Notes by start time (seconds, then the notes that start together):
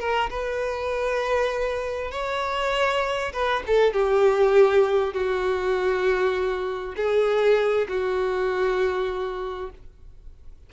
0.00 A#4
0.31 B4
2.12 C#5
3.33 B4
3.67 A4
3.93 G4
5.14 F#4
6.97 G#4
7.89 F#4